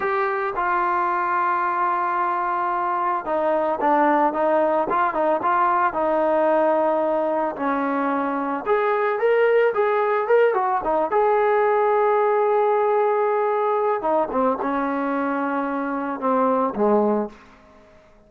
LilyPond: \new Staff \with { instrumentName = "trombone" } { \time 4/4 \tempo 4 = 111 g'4 f'2.~ | f'2 dis'4 d'4 | dis'4 f'8 dis'8 f'4 dis'4~ | dis'2 cis'2 |
gis'4 ais'4 gis'4 ais'8 fis'8 | dis'8 gis'2.~ gis'8~ | gis'2 dis'8 c'8 cis'4~ | cis'2 c'4 gis4 | }